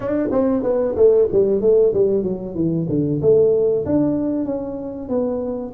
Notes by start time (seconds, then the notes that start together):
0.00 D4
0.31 C4
0.62 B3
0.96 A3
1.32 G3
1.61 A3
1.93 G3
2.23 F#3
2.54 E3
2.89 D3
3.21 A3
3.85 D4
4.45 C#4
5.09 B3